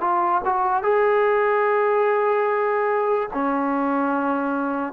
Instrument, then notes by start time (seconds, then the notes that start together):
trombone
0.00 F4
0.44 F#4
0.82 G#4
3.33 C#4